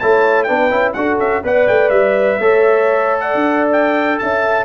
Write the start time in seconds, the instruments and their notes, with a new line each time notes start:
0.00 tuba A3, trombone E4, horn C#5, trumpet A5
0.44 tuba B3, trombone D4, horn B4, trumpet G5
0.71 tuba C#4, trombone E4
0.94 tuba D4, trombone F#4, horn A4, trumpet F#5
1.19 tuba C#4, trumpet E5
1.44 tuba B3, trombone B4, horn D5, trumpet F#5
1.68 tuba A3, trumpet G5
1.90 tuba G3, trumpet E5
2.40 tuba A3, trombone A4, horn C#5
3.20 horn D5, trumpet F#5
3.35 tuba D4
3.72 trumpet G5
4.19 tuba C#4, horn E5, trumpet A5